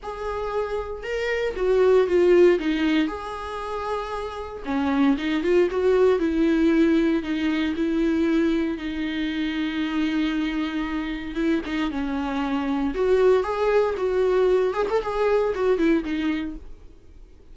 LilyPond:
\new Staff \with { instrumentName = "viola" } { \time 4/4 \tempo 4 = 116 gis'2 ais'4 fis'4 | f'4 dis'4 gis'2~ | gis'4 cis'4 dis'8 f'8 fis'4 | e'2 dis'4 e'4~ |
e'4 dis'2.~ | dis'2 e'8 dis'8 cis'4~ | cis'4 fis'4 gis'4 fis'4~ | fis'8 gis'16 a'16 gis'4 fis'8 e'8 dis'4 | }